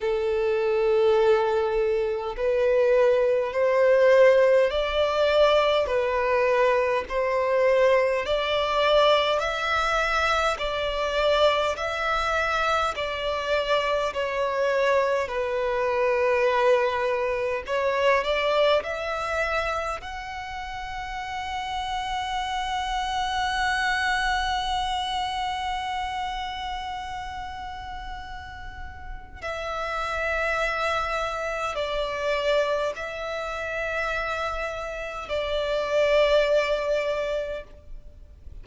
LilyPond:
\new Staff \with { instrumentName = "violin" } { \time 4/4 \tempo 4 = 51 a'2 b'4 c''4 | d''4 b'4 c''4 d''4 | e''4 d''4 e''4 d''4 | cis''4 b'2 cis''8 d''8 |
e''4 fis''2.~ | fis''1~ | fis''4 e''2 d''4 | e''2 d''2 | }